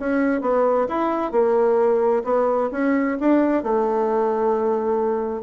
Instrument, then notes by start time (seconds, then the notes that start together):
bassoon
0.00 C#4
0.42 B3
0.89 E4
1.32 A#3
2.25 B3
2.72 C#4
3.20 D4
3.63 A3